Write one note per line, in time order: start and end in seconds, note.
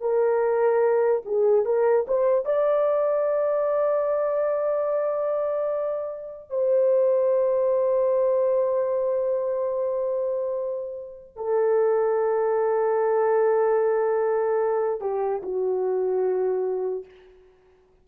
0.00 1.22 A#4
1.25 1.65 G#4
1.65 2.05 A#4
2.07 2.45 C5
2.45 6.50 D5
6.50 11.36 C5
11.36 15.00 A4
15.00 15.41 G4
15.42 17.05 F#4